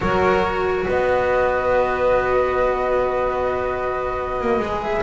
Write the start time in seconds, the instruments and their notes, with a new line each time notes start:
0.00 double bass F#3, cello F#4, violin A#4, flute C#5
0.87 double bass B3, violin B4, flute D#5
4.41 double bass A#3
4.59 double bass G#3, cello G#4
4.82 flute E5